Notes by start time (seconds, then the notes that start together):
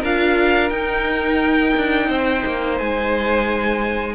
0.00 D4 F4 A#4 F5
0.70 D#4 G5
1.77 D4
2.07 C4 C5
2.46 A#3
2.78 G#3 G#5